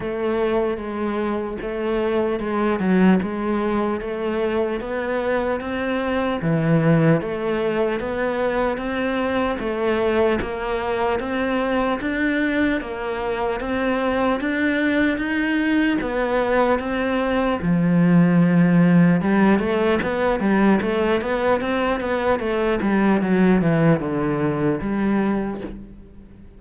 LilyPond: \new Staff \with { instrumentName = "cello" } { \time 4/4 \tempo 4 = 75 a4 gis4 a4 gis8 fis8 | gis4 a4 b4 c'4 | e4 a4 b4 c'4 | a4 ais4 c'4 d'4 |
ais4 c'4 d'4 dis'4 | b4 c'4 f2 | g8 a8 b8 g8 a8 b8 c'8 b8 | a8 g8 fis8 e8 d4 g4 | }